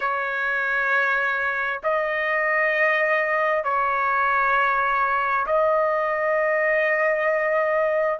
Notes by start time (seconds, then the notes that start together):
0.00 C#5
1.83 D#5
3.64 C#5
5.46 D#5